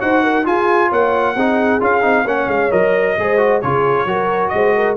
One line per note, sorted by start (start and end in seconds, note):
0.00 0.46 D#4
0.00 0.45 F#4
0.00 0.23 C5
0.00 0.46 F#5
0.23 0.46 A#4
0.45 1.36 F4
0.45 0.91 F4
0.45 0.89 G#4
0.45 0.92 G#5
0.89 1.36 A#3
0.89 1.34 C#5
0.89 1.83 F#5
1.36 1.81 C4
1.36 1.81 D#4
1.36 2.26 G#4
1.81 2.04 C#4
1.81 2.02 F4
1.81 2.28 F5
2.02 2.25 C4
2.02 2.25 D#4
2.25 2.47 A#3
2.25 2.71 C#4
2.25 3.16 C#5
2.25 2.50 F#5
2.47 2.70 G#3
2.47 2.72 F5
2.71 3.18 F#3
2.71 3.16 A#4
2.71 3.61 D#5
3.18 3.63 G#3
3.18 3.38 G#4
3.18 3.64 C5
3.38 3.61 F#4
3.61 4.06 C#3
3.61 4.08 F4
3.61 4.07 G#4
3.61 4.49 C#5
4.06 4.51 F#3
4.06 4.97 F#4
4.06 4.53 A#4
4.49 4.97 G#3
4.49 4.94 D#5
4.55 4.76 C5
4.76 4.97 A#4